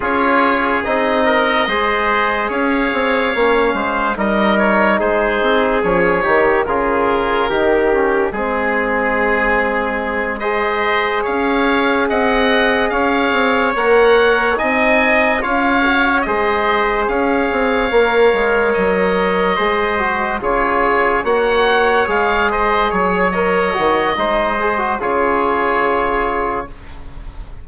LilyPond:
<<
  \new Staff \with { instrumentName = "oboe" } { \time 4/4 \tempo 4 = 72 cis''4 dis''2 f''4~ | f''4 dis''8 cis''8 c''4 cis''4 | ais'2 gis'2~ | gis'8 dis''4 f''4 fis''4 f''8~ |
f''8 fis''4 gis''4 f''4 dis''8~ | dis''8 f''2 dis''4.~ | dis''8 cis''4 fis''4 f''8 dis''8 cis''8 | dis''2 cis''2 | }
  \new Staff \with { instrumentName = "trumpet" } { \time 4/4 gis'4. ais'8 c''4 cis''4~ | cis''8 c''8 ais'4 gis'4. g'8 | gis'4 g'4 gis'2~ | gis'8 c''4 cis''4 dis''4 cis''8~ |
cis''4. dis''4 cis''4 c''8~ | c''8 cis''2. c''8~ | c''8 gis'4 cis''4. c''8 cis''8~ | cis''4 c''4 gis'2 | }
  \new Staff \with { instrumentName = "trombone" } { \time 4/4 f'4 dis'4 gis'2 | cis'4 dis'2 cis'8 dis'8 | f'4 dis'8 cis'8 c'2~ | c'8 gis'2.~ gis'8~ |
gis'8 ais'4 dis'4 f'8 fis'8 gis'8~ | gis'4. ais'2 gis'8 | fis'8 f'4 fis'4 gis'4. | ais'8 fis'8 dis'8 gis'16 fis'16 f'2 | }
  \new Staff \with { instrumentName = "bassoon" } { \time 4/4 cis'4 c'4 gis4 cis'8 c'8 | ais8 gis8 g4 gis8 c'8 f8 dis8 | cis4 dis4 gis2~ | gis4. cis'4 c'4 cis'8 |
c'8 ais4 c'4 cis'4 gis8~ | gis8 cis'8 c'8 ais8 gis8 fis4 gis8~ | gis8 cis4 ais4 gis4 fis8~ | fis8 dis8 gis4 cis2 | }
>>